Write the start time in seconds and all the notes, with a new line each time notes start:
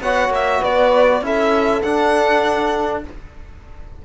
0.00 B3 F#4 C#5 F#5
0.29 A#3 E5
0.60 B3 B4 D5
1.21 C#4 E4 A4 E5
1.82 D4 F#5